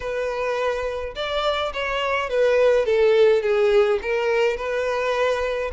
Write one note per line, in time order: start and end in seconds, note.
0.00 1.14 B4
1.15 1.72 D5
1.73 2.29 C#5
2.29 2.85 B4
2.85 3.42 A4
3.42 3.99 G#4
4.02 4.56 A#4
4.56 5.71 B4